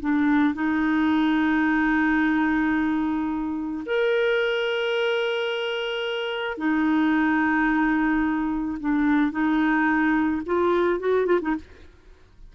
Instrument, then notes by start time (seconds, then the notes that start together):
clarinet
0.00 D4
0.55 D#4
3.86 A#4
6.58 D#4
8.80 D4
9.32 D#4
10.46 F4
11.00 F#4
11.26 F4
11.42 D#4